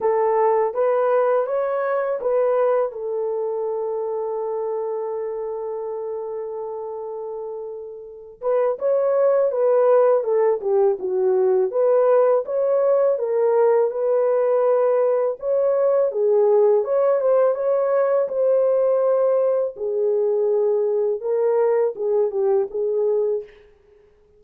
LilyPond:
\new Staff \with { instrumentName = "horn" } { \time 4/4 \tempo 4 = 82 a'4 b'4 cis''4 b'4 | a'1~ | a'2.~ a'8 b'8 | cis''4 b'4 a'8 g'8 fis'4 |
b'4 cis''4 ais'4 b'4~ | b'4 cis''4 gis'4 cis''8 c''8 | cis''4 c''2 gis'4~ | gis'4 ais'4 gis'8 g'8 gis'4 | }